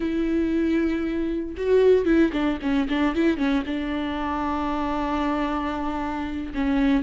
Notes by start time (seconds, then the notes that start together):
0.00 E4
1.57 F#4
2.05 E4
2.32 D4
2.61 C#4
2.88 D4
3.14 E4
3.37 C#4
3.66 D4
6.54 C#4